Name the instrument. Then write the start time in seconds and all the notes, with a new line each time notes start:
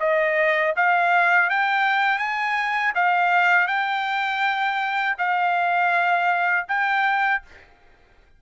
trumpet
0.00 D#5
0.76 F5
1.49 G5
2.19 G#5
2.95 F5
3.67 G5
5.18 F5
6.68 G5